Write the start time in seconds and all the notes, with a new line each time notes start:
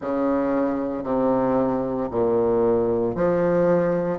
0.00 C#3
1.03 C3
2.11 A#2
3.15 F3